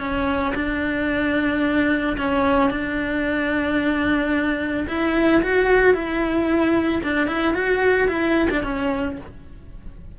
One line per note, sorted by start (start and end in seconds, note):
0.00 0.54 C#4
0.55 2.17 D4
2.18 2.71 C#4
2.71 4.87 D4
4.88 5.43 E4
5.43 5.94 F#4
5.94 7.02 E4
7.04 7.28 D4
7.28 7.55 E4
7.55 8.08 F#4
8.08 8.49 E4
8.51 8.64 D4
8.64 9.18 C#4